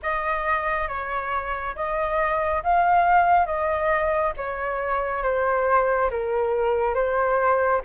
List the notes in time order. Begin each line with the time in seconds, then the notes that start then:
0.02 D#5
0.88 C#5
1.75 D#5
2.63 F5
3.45 D#5
4.37 C#5
5.23 C5
6.10 A#4
6.94 C5